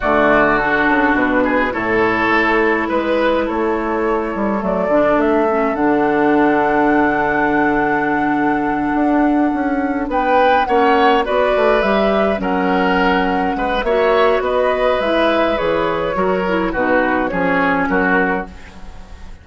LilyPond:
<<
  \new Staff \with { instrumentName = "flute" } { \time 4/4 \tempo 4 = 104 d''4 a'4 b'4 cis''4~ | cis''4 b'4 cis''2 | d''4 e''4 fis''2~ | fis''1~ |
fis''4. g''4 fis''4 d''8~ | d''8 e''4 fis''2~ fis''8 | e''4 dis''4 e''4 cis''4~ | cis''4 b'4 cis''4 ais'4 | }
  \new Staff \with { instrumentName = "oboe" } { \time 4/4 fis'2~ fis'8 gis'8 a'4~ | a'4 b'4 a'2~ | a'1~ | a'1~ |
a'4. b'4 cis''4 b'8~ | b'4. ais'2 b'8 | cis''4 b'2. | ais'4 fis'4 gis'4 fis'4 | }
  \new Staff \with { instrumentName = "clarinet" } { \time 4/4 a4 d'2 e'4~ | e'1 | a8 d'4 cis'8 d'2~ | d'1~ |
d'2~ d'8 cis'4 fis'8~ | fis'8 g'4 cis'2~ cis'8 | fis'2 e'4 gis'4 | fis'8 e'8 dis'4 cis'2 | }
  \new Staff \with { instrumentName = "bassoon" } { \time 4/4 d4. cis8 b,4 a,4 | a4 gis4 a4. g8 | fis8 d8 a4 d2~ | d2.~ d8 d'8~ |
d'8 cis'4 b4 ais4 b8 | a8 g4 fis2 gis8 | ais4 b4 gis4 e4 | fis4 b,4 f4 fis4 | }
>>